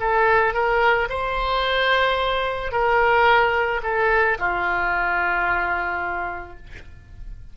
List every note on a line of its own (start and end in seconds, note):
0.00 0.54 A4
0.54 1.08 A#4
1.09 2.72 C5
2.72 3.81 A#4
3.83 4.37 A4
4.38 6.57 F4